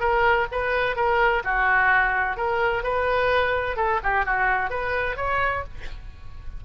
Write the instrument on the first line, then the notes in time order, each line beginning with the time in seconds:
oboe
0.00 A#4
0.52 B4
0.96 A#4
1.44 F#4
2.37 A#4
2.83 B4
3.76 A4
4.03 G4
4.25 F#4
4.70 B4
5.16 C#5